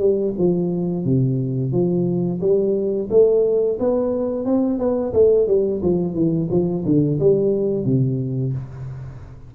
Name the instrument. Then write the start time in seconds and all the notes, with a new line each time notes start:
tuba
0.00 G3
0.38 F3
1.05 C3
1.73 F3
2.41 G3
3.11 A3
3.80 B3
4.46 C4
4.79 B3
5.14 A3
5.48 G3
5.83 F3
6.15 E3
6.51 F3
6.86 D3
7.20 G3
7.85 C3